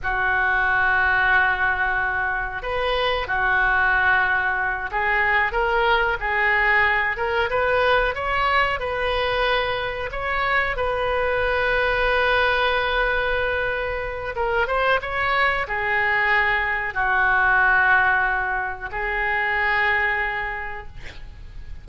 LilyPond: \new Staff \with { instrumentName = "oboe" } { \time 4/4 \tempo 4 = 92 fis'1 | b'4 fis'2~ fis'8 gis'8~ | gis'8 ais'4 gis'4. ais'8 b'8~ | b'8 cis''4 b'2 cis''8~ |
cis''8 b'2.~ b'8~ | b'2 ais'8 c''8 cis''4 | gis'2 fis'2~ | fis'4 gis'2. | }